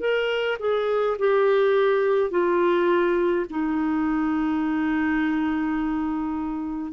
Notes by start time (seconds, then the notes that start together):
0.00 A#4
0.59 G#4
1.19 G4
2.30 F4
3.50 D#4